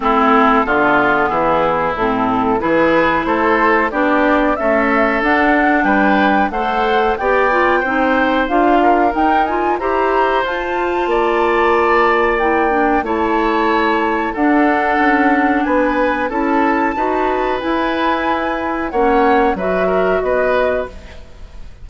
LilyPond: <<
  \new Staff \with { instrumentName = "flute" } { \time 4/4 \tempo 4 = 92 a'2 gis'4 a'4 | b'4 c''4 d''4 e''4 | fis''4 g''4 fis''4 g''4~ | g''4 f''4 g''8 gis''8 ais''4 |
a''2. g''4 | a''2 fis''2 | gis''4 a''2 gis''4~ | gis''4 fis''4 e''4 dis''4 | }
  \new Staff \with { instrumentName = "oboe" } { \time 4/4 e'4 f'4 e'2 | gis'4 a'4 g'4 a'4~ | a'4 b'4 c''4 d''4 | c''4. ais'4. c''4~ |
c''4 d''2. | cis''2 a'2 | b'4 a'4 b'2~ | b'4 cis''4 b'8 ais'8 b'4 | }
  \new Staff \with { instrumentName = "clarinet" } { \time 4/4 c'4 b2 c'4 | e'2 d'4 a4 | d'2 a'4 g'8 f'8 | dis'4 f'4 dis'8 f'8 g'4 |
f'2. e'8 d'8 | e'2 d'2~ | d'4 e'4 fis'4 e'4~ | e'4 cis'4 fis'2 | }
  \new Staff \with { instrumentName = "bassoon" } { \time 4/4 a4 d4 e4 a,4 | e4 a4 b4 cis'4 | d'4 g4 a4 b4 | c'4 d'4 dis'4 e'4 |
f'4 ais2. | a2 d'4 cis'4 | b4 cis'4 dis'4 e'4~ | e'4 ais4 fis4 b4 | }
>>